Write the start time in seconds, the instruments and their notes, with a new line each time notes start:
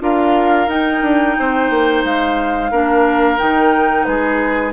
0.00 bassoon D4, clarinet F4, oboe A#4, flute F5
0.67 bassoon D#4, clarinet D#4, flute G5
1.02 bassoon D4
1.39 bassoon C4, oboe C5
1.70 bassoon A#3
2.04 bassoon G#3, flute F5
2.71 bassoon A#3, clarinet D4, oboe A#4
3.38 bassoon D#3, clarinet D#4, flute G5
4.04 bassoon G#3, oboe G#4, flute B4